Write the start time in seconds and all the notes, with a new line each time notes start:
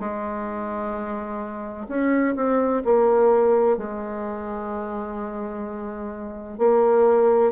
0.00 G#3
1.88 C#4
2.36 C4
2.85 A#3
3.78 G#3
6.58 A#3